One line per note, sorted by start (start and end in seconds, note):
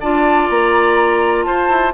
0.00 0.49 D4
0.00 1.93 F4
0.00 1.45 D5
0.00 0.48 A5
0.49 1.45 A#3
0.49 1.44 A#5
1.44 1.68 F4
1.44 1.93 C5
1.44 1.92 A5
1.68 1.92 E4